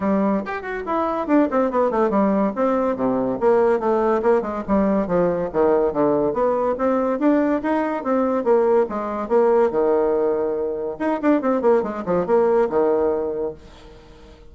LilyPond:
\new Staff \with { instrumentName = "bassoon" } { \time 4/4 \tempo 4 = 142 g4 g'8 fis'8 e'4 d'8 c'8 | b8 a8 g4 c'4 c4 | ais4 a4 ais8 gis8 g4 | f4 dis4 d4 b4 |
c'4 d'4 dis'4 c'4 | ais4 gis4 ais4 dis4~ | dis2 dis'8 d'8 c'8 ais8 | gis8 f8 ais4 dis2 | }